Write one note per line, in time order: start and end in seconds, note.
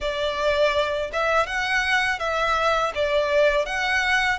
0.00 1.10 D5
1.12 1.46 E5
1.46 2.19 F#5
2.19 2.92 E5
2.95 3.66 D5
3.66 4.38 F#5